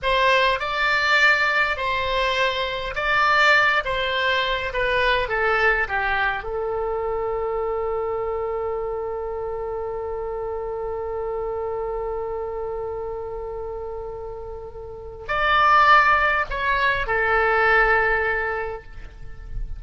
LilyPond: \new Staff \with { instrumentName = "oboe" } { \time 4/4 \tempo 4 = 102 c''4 d''2 c''4~ | c''4 d''4. c''4. | b'4 a'4 g'4 a'4~ | a'1~ |
a'1~ | a'1~ | a'2 d''2 | cis''4 a'2. | }